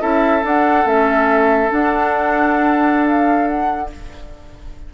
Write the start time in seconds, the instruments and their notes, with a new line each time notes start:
0.00 bassoon C#4, clarinet E4, oboe A4, flute E5
0.42 clarinet D4, bassoon D4, flute F#5
0.85 bassoon A3, clarinet C#4, flute E5
1.69 clarinet D4, bassoon D4, flute F#5
3.07 flute F5
3.48 flute F#5